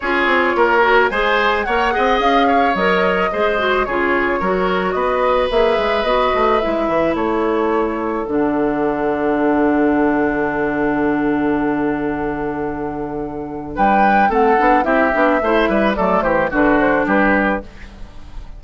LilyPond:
<<
  \new Staff \with { instrumentName = "flute" } { \time 4/4 \tempo 4 = 109 cis''2 gis''4 fis''4 | f''4 dis''2 cis''4~ | cis''4 dis''4 e''4 dis''4 | e''4 cis''2 fis''4~ |
fis''1~ | fis''1~ | fis''4 g''4 fis''4 e''4~ | e''4 d''8 c''8 b'8 c''8 b'4 | }
  \new Staff \with { instrumentName = "oboe" } { \time 4/4 gis'4 ais'4 c''4 cis''8 dis''8~ | dis''8 cis''4. c''4 gis'4 | ais'4 b'2.~ | b'4 a'2.~ |
a'1~ | a'1~ | a'4 b'4 a'4 g'4 | c''8 b'8 a'8 g'8 fis'4 g'4 | }
  \new Staff \with { instrumentName = "clarinet" } { \time 4/4 f'4. fis'8 gis'4 ais'8 gis'8~ | gis'4 ais'4 gis'8 fis'8 f'4 | fis'2 gis'4 fis'4 | e'2. d'4~ |
d'1~ | d'1~ | d'2 c'8 d'8 e'8 d'8 | e'4 a4 d'2 | }
  \new Staff \with { instrumentName = "bassoon" } { \time 4/4 cis'8 c'8 ais4 gis4 ais8 c'8 | cis'4 fis4 gis4 cis4 | fis4 b4 ais8 gis8 b8 a8 | gis8 e8 a2 d4~ |
d1~ | d1~ | d4 g4 a8 b8 c'8 b8 | a8 g8 fis8 e8 d4 g4 | }
>>